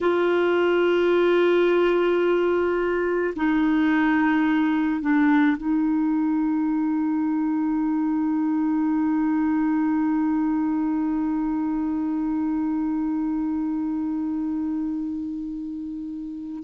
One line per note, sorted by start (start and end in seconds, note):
0.00 3.33 F4
3.36 5.01 D#4
5.01 5.57 D4
5.57 16.63 D#4